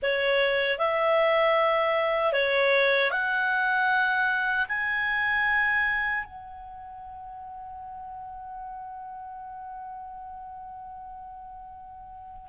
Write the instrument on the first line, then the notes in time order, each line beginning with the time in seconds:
clarinet
0.02 C#5
0.78 E5
2.32 C#5
3.10 F#5
4.68 G#5
6.24 F#5